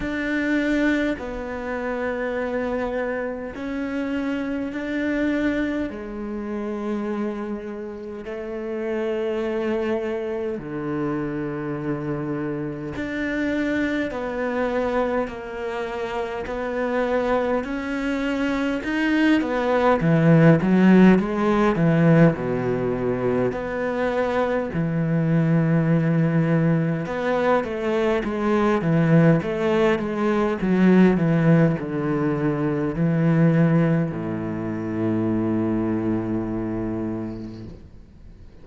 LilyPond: \new Staff \with { instrumentName = "cello" } { \time 4/4 \tempo 4 = 51 d'4 b2 cis'4 | d'4 gis2 a4~ | a4 d2 d'4 | b4 ais4 b4 cis'4 |
dis'8 b8 e8 fis8 gis8 e8 b,4 | b4 e2 b8 a8 | gis8 e8 a8 gis8 fis8 e8 d4 | e4 a,2. | }